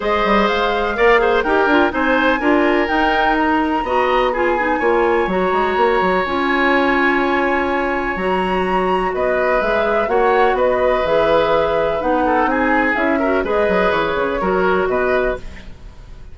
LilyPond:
<<
  \new Staff \with { instrumentName = "flute" } { \time 4/4 \tempo 4 = 125 dis''4 f''2 g''4 | gis''2 g''4 ais''4~ | ais''4 gis''2 ais''4~ | ais''4 gis''2.~ |
gis''4 ais''2 dis''4 | e''4 fis''4 dis''4 e''4~ | e''4 fis''4 gis''4 e''4 | dis''4 cis''2 dis''4 | }
  \new Staff \with { instrumentName = "oboe" } { \time 4/4 c''2 d''8 c''8 ais'4 | c''4 ais'2. | dis''4 gis'4 cis''2~ | cis''1~ |
cis''2. b'4~ | b'4 cis''4 b'2~ | b'4. a'8 gis'4. ais'8 | b'2 ais'4 b'4 | }
  \new Staff \with { instrumentName = "clarinet" } { \time 4/4 gis'2 ais'8 gis'8 g'8 f'8 | dis'4 f'4 dis'2 | fis'4 f'8 dis'8 f'4 fis'4~ | fis'4 f'2.~ |
f'4 fis'2. | gis'4 fis'2 gis'4~ | gis'4 dis'2 e'8 fis'8 | gis'2 fis'2 | }
  \new Staff \with { instrumentName = "bassoon" } { \time 4/4 gis8 g8 gis4 ais4 dis'8 d'8 | c'4 d'4 dis'2 | b2 ais4 fis8 gis8 | ais8 fis8 cis'2.~ |
cis'4 fis2 b4 | gis4 ais4 b4 e4~ | e4 b4 c'4 cis'4 | gis8 fis8 e8 cis8 fis4 b,4 | }
>>